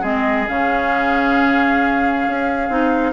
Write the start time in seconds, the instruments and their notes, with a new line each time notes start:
0.00 bassoon G#3, clarinet C4, oboe G#4, flute D#5
0.47 bassoon C#3, clarinet C#4, flute F5
2.27 bassoon C#4
2.69 bassoon C4, clarinet D#4